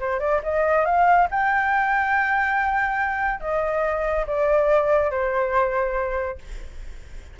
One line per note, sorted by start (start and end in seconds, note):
0.00 0.20 C5
0.20 0.41 D5
0.44 0.86 D#5
0.86 1.28 F5
1.31 3.41 G5
3.41 4.26 D#5
4.27 5.11 D5
5.11 6.39 C5